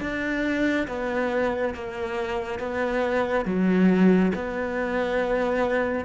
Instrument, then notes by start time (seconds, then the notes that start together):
cello
0.00 D4
0.87 B3
1.74 A#3
2.59 B3
3.45 F#3
4.34 B3